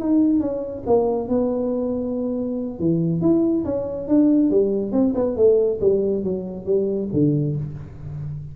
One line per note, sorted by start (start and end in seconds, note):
0.00 0.41 D#4
0.41 0.84 C#4
0.87 1.29 A#3
1.29 2.80 B3
2.80 3.22 E3
3.22 3.65 E4
3.65 4.08 C#4
4.08 4.51 D4
4.51 4.93 G3
4.93 5.14 C4
5.15 5.37 B3
5.37 5.80 A3
5.81 6.24 G3
6.24 6.66 F#3
6.66 7.09 G3
7.13 7.56 D3